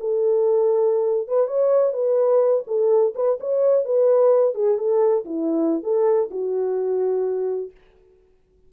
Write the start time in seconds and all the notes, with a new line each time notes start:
0.00 A4
1.28 B4
1.48 C#5
1.93 B4
2.67 A4
3.16 B4
3.41 C#5
3.85 B4
4.55 G#4
4.78 A4
5.25 E4
5.83 A4
6.31 F#4